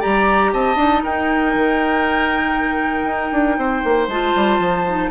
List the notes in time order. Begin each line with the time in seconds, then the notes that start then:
0.00 G3 G4 D5 A#5
0.53 C4 D#5 A5
0.75 D4 D#4
1.03 D#4 A#4 G5
1.55 D#3
3.04 D#4
3.32 D4
3.58 C4 C5
3.84 A#3
4.08 G#3 F4 A5
4.36 G3
4.59 F3
4.87 D#4